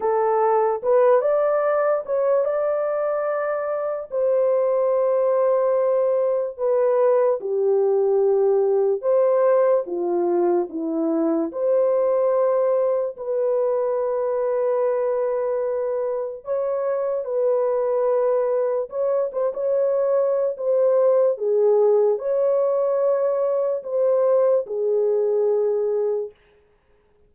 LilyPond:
\new Staff \with { instrumentName = "horn" } { \time 4/4 \tempo 4 = 73 a'4 b'8 d''4 cis''8 d''4~ | d''4 c''2. | b'4 g'2 c''4 | f'4 e'4 c''2 |
b'1 | cis''4 b'2 cis''8 c''16 cis''16~ | cis''4 c''4 gis'4 cis''4~ | cis''4 c''4 gis'2 | }